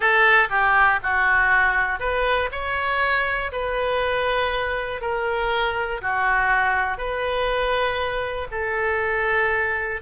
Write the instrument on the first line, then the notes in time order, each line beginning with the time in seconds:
oboe
0.00 A4
0.50 G4
1.03 F#4
2.00 B4
2.51 C#5
3.52 B4
5.00 A#4
6.01 F#4
6.97 B4
8.50 A4